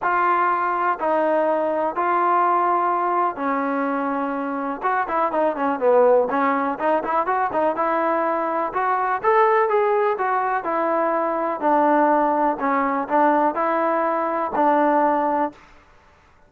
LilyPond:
\new Staff \with { instrumentName = "trombone" } { \time 4/4 \tempo 4 = 124 f'2 dis'2 | f'2. cis'4~ | cis'2 fis'8 e'8 dis'8 cis'8 | b4 cis'4 dis'8 e'8 fis'8 dis'8 |
e'2 fis'4 a'4 | gis'4 fis'4 e'2 | d'2 cis'4 d'4 | e'2 d'2 | }